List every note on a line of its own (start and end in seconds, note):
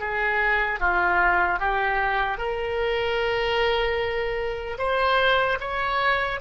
0.00 0.80 G#4
0.80 1.60 F4
1.60 2.38 G4
2.38 4.78 A#4
4.78 5.58 C5
5.60 6.40 C#5